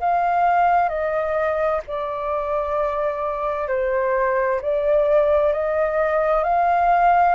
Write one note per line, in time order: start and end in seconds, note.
0.00 0.89 F5
0.89 1.81 D#5
1.87 3.68 D5
3.68 4.60 C5
4.61 5.53 D5
5.53 6.43 D#5
6.43 7.35 F5